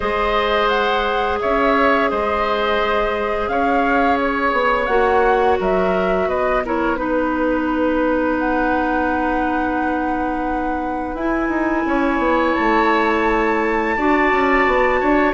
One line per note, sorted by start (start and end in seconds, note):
0.00 1.41 G#3
0.00 4.88 G#4
0.00 1.39 C5
0.00 0.68 D#5
0.68 1.38 F#5
1.40 2.11 C#4
1.40 2.10 C#5
1.40 2.10 E5
2.10 3.48 G#3
2.10 3.50 C5
2.10 3.48 D#5
3.48 4.52 C#4
3.48 5.59 C#5
3.48 4.18 F5
4.20 4.85 C#5
4.52 4.87 B3
4.85 5.57 A#3
4.85 6.63 F#4
4.85 5.55 F#5
5.59 6.26 F#3
5.59 6.28 A#4
5.59 6.29 E5
6.26 11.14 B3
6.26 6.63 B4
6.26 6.64 D#5
6.65 6.96 E4
6.65 6.99 A#4
6.65 6.96 C#5
6.96 11.15 D#4
6.96 8.35 B4
6.96 11.87 B4
8.39 11.16 F#5
11.14 11.48 E4
11.14 13.97 E4
11.14 12.54 G#5
11.49 11.83 D#4
11.86 12.18 C#4
11.86 13.96 C#5
12.18 12.53 B3
12.54 13.97 A3
12.54 15.33 A5
13.96 14.32 D4
13.96 15.33 F#4
13.96 15.00 D5
14.32 14.66 C#4
14.66 15.01 B3
15.00 15.33 D4
15.00 15.33 C#5